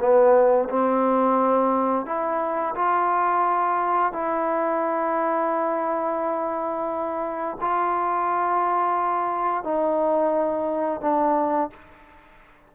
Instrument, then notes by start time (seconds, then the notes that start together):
trombone
0.00 B3
0.69 C4
2.06 E4
2.75 F4
4.13 E4
7.61 F4
9.64 D#4
11.01 D4